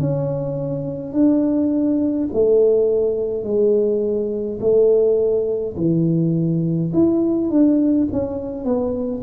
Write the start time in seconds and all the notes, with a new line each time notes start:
0.00 C#4
1.13 D4
2.33 A3
3.44 G#3
4.60 A3
5.77 E3
6.94 E4
7.51 D4
8.12 C#4
8.65 B3